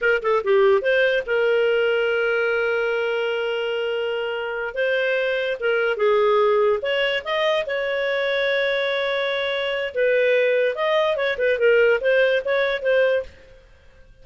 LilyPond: \new Staff \with { instrumentName = "clarinet" } { \time 4/4 \tempo 4 = 145 ais'8 a'8 g'4 c''4 ais'4~ | ais'1~ | ais'2.~ ais'8 c''8~ | c''4. ais'4 gis'4.~ |
gis'8 cis''4 dis''4 cis''4.~ | cis''1 | b'2 dis''4 cis''8 b'8 | ais'4 c''4 cis''4 c''4 | }